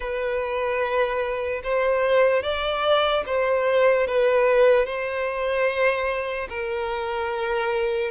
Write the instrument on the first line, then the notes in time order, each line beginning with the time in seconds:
violin
0.00 B4
1.63 C5
2.43 D5
3.26 C5
4.07 B4
4.85 C5
6.49 A#4